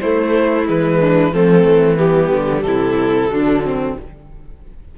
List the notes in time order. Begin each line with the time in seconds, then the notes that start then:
0.00 A3 E4 C5
0.66 E3 G#3 B4
0.99 D4
1.33 F3 A3 C4 A4
1.65 E3
1.97 G3 B3 G4
2.31 D3
2.62 C3 E4 A4
3.29 D3 F#3 D4
3.65 C4